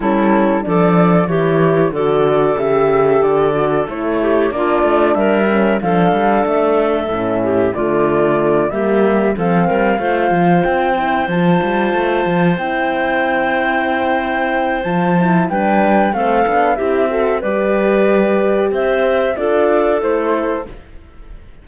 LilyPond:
<<
  \new Staff \with { instrumentName = "flute" } { \time 4/4 \tempo 4 = 93 a'4 d''4 cis''4 d''4 | e''4 d''4 cis''4 d''4 | e''4 f''4 e''2 | d''4. e''4 f''4.~ |
f''8 g''4 a''2 g''8~ | g''2. a''4 | g''4 f''4 e''4 d''4~ | d''4 e''4 d''4 c''4 | }
  \new Staff \with { instrumentName = "clarinet" } { \time 4/4 e'4 a'4 g'4 a'4~ | a'2~ a'8 g'8 f'4 | ais'4 a'2~ a'8 g'8 | f'4. g'4 a'8 ais'8 c''8~ |
c''1~ | c''1 | b'4 a'4 g'8 a'8 b'4~ | b'4 c''4 a'2 | }
  \new Staff \with { instrumentName = "horn" } { \time 4/4 cis'4 d'4 e'4 fis'4 | g'4. fis'8 e'4 d'4~ | d'8 cis'8 d'2 cis'4 | a4. ais4 c'4 f'8~ |
f'4 e'8 f'2 e'8~ | e'2. f'8 e'8 | d'4 c'8 d'8 e'8 fis'8 g'4~ | g'2 f'4 e'4 | }
  \new Staff \with { instrumentName = "cello" } { \time 4/4 g4 f4 e4 d4 | cis4 d4 a4 ais8 a8 | g4 f8 g8 a4 a,4 | d4. g4 f8 g8 a8 |
f8 c'4 f8 g8 a8 f8 c'8~ | c'2. f4 | g4 a8 b8 c'4 g4~ | g4 c'4 d'4 a4 | }
>>